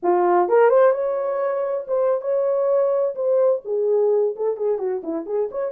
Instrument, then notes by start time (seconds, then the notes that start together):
horn
0.02 F4
0.48 A#4
0.69 C5
0.92 C#5
1.87 C5
2.21 C#5
3.15 C5
3.65 G#4
4.36 A4
4.56 G#4
4.78 F#4
5.03 E4
5.26 G#4
5.51 C#5